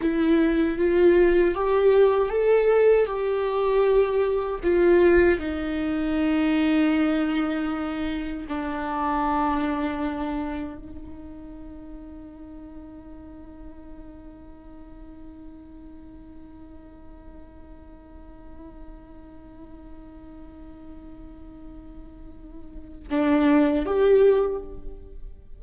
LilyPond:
\new Staff \with { instrumentName = "viola" } { \time 4/4 \tempo 4 = 78 e'4 f'4 g'4 a'4 | g'2 f'4 dis'4~ | dis'2. d'4~ | d'2 dis'2~ |
dis'1~ | dis'1~ | dis'1~ | dis'2 d'4 g'4 | }